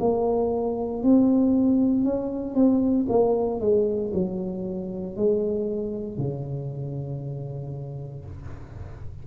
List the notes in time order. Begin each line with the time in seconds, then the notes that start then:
0.00 A#3
1.03 C4
2.04 C#4
2.54 C4
3.09 A#3
3.60 G#3
4.14 F#3
5.16 G#3
6.18 C#3